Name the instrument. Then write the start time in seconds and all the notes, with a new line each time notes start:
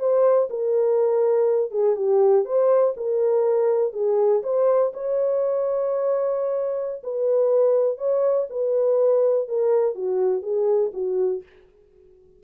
horn
0.00 C5
0.50 A#4
1.72 G#4
1.96 G4
2.45 C5
2.97 A#4
3.93 G#4
4.44 C5
4.94 C#5
7.04 B4
7.98 C#5
8.50 B4
9.49 A#4
9.95 F#4
10.43 G#4
10.94 F#4